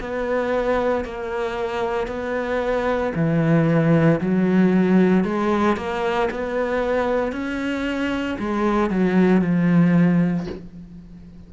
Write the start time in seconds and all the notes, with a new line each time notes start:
0.00 B3
1.04 A#3
2.07 B3
3.15 E3
4.21 F#3
5.24 G#3
5.77 A#3
6.31 B3
7.32 C#4
8.39 G#3
8.90 F#3
9.42 F3